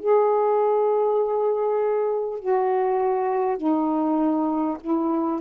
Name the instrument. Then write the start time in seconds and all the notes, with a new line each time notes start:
saxophone
0.00 G#4
2.40 F#4
3.58 D#4
4.82 E4